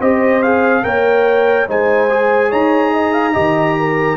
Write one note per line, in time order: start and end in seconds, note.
0.00 0.84 C4
0.00 0.43 G4
0.00 0.83 C5
0.00 0.42 D#5
0.42 0.83 G#4
0.42 0.84 F5
0.83 1.68 A#3
0.83 1.66 A#4
0.83 1.68 C#5
0.83 1.67 G5
1.68 2.52 G#3
1.68 2.10 D#4
1.68 2.50 C5
1.68 2.51 G#5
2.10 3.33 G#4
2.50 3.35 D#4
2.50 2.91 C#5
2.50 4.17 A#5
2.93 3.13 D#5
3.13 3.34 F5
3.33 4.17 D#3
3.33 4.16 G4
3.33 3.75 D#5
3.79 4.17 A#4